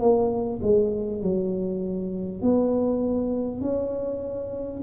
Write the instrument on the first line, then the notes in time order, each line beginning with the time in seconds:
tuba
0.00 A#3
0.63 G#3
1.23 F#3
2.42 B3
3.61 C#4